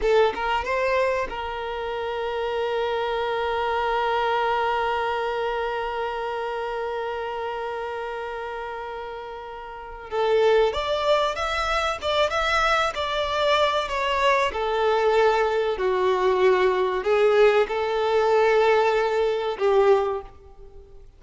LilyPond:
\new Staff \with { instrumentName = "violin" } { \time 4/4 \tempo 4 = 95 a'8 ais'8 c''4 ais'2~ | ais'1~ | ais'1~ | ais'1 |
a'4 d''4 e''4 d''8 e''8~ | e''8 d''4. cis''4 a'4~ | a'4 fis'2 gis'4 | a'2. g'4 | }